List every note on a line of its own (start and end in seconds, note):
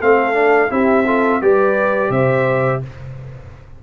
0.00 0.71 A3
0.00 0.33 C4
0.00 0.71 A4
0.00 0.71 F5
0.33 0.68 D4
0.69 1.41 C4
0.69 1.05 E4
0.69 1.06 G4
0.69 1.42 E5
1.06 1.42 F4
1.06 1.41 A4
1.42 2.10 G3
1.42 2.83 G4
1.42 2.11 B4
1.42 2.11 D5
2.10 2.80 C3
2.10 2.82 C5
2.10 2.82 E5